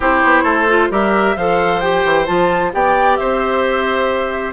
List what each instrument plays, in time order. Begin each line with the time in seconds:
0.00 bassoon C4, clarinet E4, oboe G4, flute C5
0.23 bassoon B3
0.43 bassoon A3, oboe A4
0.68 clarinet F4
0.90 bassoon G3, clarinet G4, oboe A#4, flute E5
1.35 bassoon F3, clarinet A4, oboe C5, flute F5
1.80 clarinet G4, flute G5
2.05 bassoon E3
2.26 bassoon F3, clarinet F4, flute A5
2.71 bassoon B3, clarinet G4, oboe D5, flute G5
3.16 bassoon C4, oboe C5, flute E5